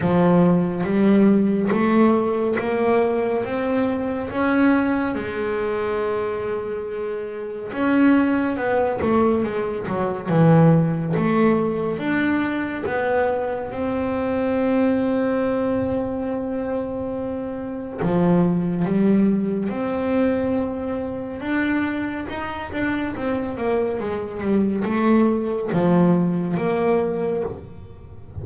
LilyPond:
\new Staff \with { instrumentName = "double bass" } { \time 4/4 \tempo 4 = 70 f4 g4 a4 ais4 | c'4 cis'4 gis2~ | gis4 cis'4 b8 a8 gis8 fis8 | e4 a4 d'4 b4 |
c'1~ | c'4 f4 g4 c'4~ | c'4 d'4 dis'8 d'8 c'8 ais8 | gis8 g8 a4 f4 ais4 | }